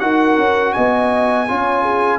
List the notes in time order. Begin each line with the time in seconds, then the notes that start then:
0.00 D#4 F#4 A#4 F#5
0.37 C#4
0.73 B3 D#5 G#5
1.48 C#4 F4 C#5
1.82 G#4